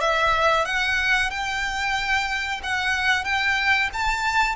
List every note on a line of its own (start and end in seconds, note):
0.00 0.65 E5
0.65 1.30 F#5
1.30 2.60 G5
2.63 3.24 F#5
3.24 3.89 G5
3.93 4.55 A5